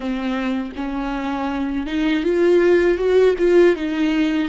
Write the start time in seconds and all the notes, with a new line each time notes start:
0.00 C4
0.76 C#4
1.86 D#4
2.23 F4
2.97 F#4
3.38 F4
3.76 D#4